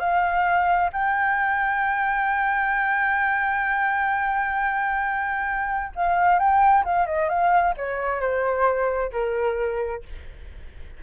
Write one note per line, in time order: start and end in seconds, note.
0.00 0.91 F5
0.93 5.93 G5
5.96 6.39 F5
6.39 6.85 G5
6.85 7.07 F5
7.07 7.30 D#5
7.30 7.75 F5
7.78 8.21 C#5
8.21 9.12 C5
9.13 10.04 A#4